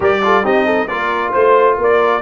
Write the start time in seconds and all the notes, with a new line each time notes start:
0.00 G3 G4 A#4 D5
0.22 F4 A4
0.43 C4 D#4 G4 D#5
0.65 A4
0.87 A#3 F4 A#4 D5
1.31 A3 C5
1.78 A#3 A#4 D5